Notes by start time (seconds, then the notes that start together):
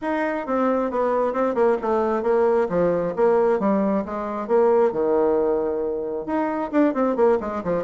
0.01 D#4
0.46 C4
0.90 B3
1.33 C4
1.54 A#3
1.81 A3
2.22 A#3
2.69 F3
3.15 A#3
3.59 G3
4.05 G#3
4.47 A#3
4.92 D#3
6.26 D#4
6.71 D4
6.94 C4
7.16 A#3
7.40 G#3
7.63 F3